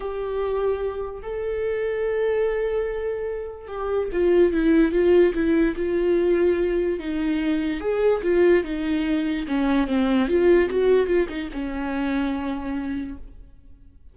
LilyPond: \new Staff \with { instrumentName = "viola" } { \time 4/4 \tempo 4 = 146 g'2. a'4~ | a'1~ | a'4 g'4 f'4 e'4 | f'4 e'4 f'2~ |
f'4 dis'2 gis'4 | f'4 dis'2 cis'4 | c'4 f'4 fis'4 f'8 dis'8 | cis'1 | }